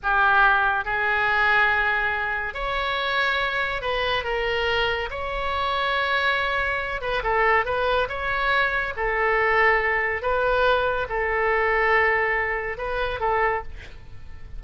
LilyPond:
\new Staff \with { instrumentName = "oboe" } { \time 4/4 \tempo 4 = 141 g'2 gis'2~ | gis'2 cis''2~ | cis''4 b'4 ais'2 | cis''1~ |
cis''8 b'8 a'4 b'4 cis''4~ | cis''4 a'2. | b'2 a'2~ | a'2 b'4 a'4 | }